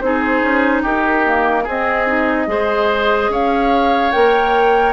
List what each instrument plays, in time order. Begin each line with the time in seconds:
0.00 bassoon C4, clarinet D#4, oboe G#4, flute C5
0.41 bassoon C#4
0.82 bassoon D#4, oboe G4, flute A#4
1.25 clarinet A#3
1.63 bassoon C4, clarinet C4, oboe G#4, flute D#5
2.07 clarinet D#4
2.47 bassoon G#3, clarinet G#4, oboe C5
3.28 bassoon C#4, oboe C#5, flute F5
4.11 bassoon A#3, clarinet A#4, flute G5